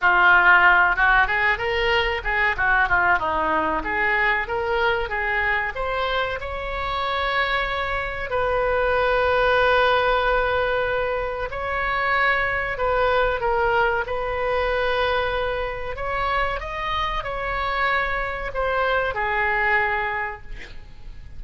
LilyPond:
\new Staff \with { instrumentName = "oboe" } { \time 4/4 \tempo 4 = 94 f'4. fis'8 gis'8 ais'4 gis'8 | fis'8 f'8 dis'4 gis'4 ais'4 | gis'4 c''4 cis''2~ | cis''4 b'2.~ |
b'2 cis''2 | b'4 ais'4 b'2~ | b'4 cis''4 dis''4 cis''4~ | cis''4 c''4 gis'2 | }